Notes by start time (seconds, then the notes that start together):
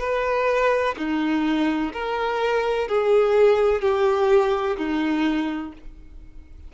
0.00 B4
0.97 D#4
1.93 A#4
2.88 G#4
3.82 G4
4.77 D#4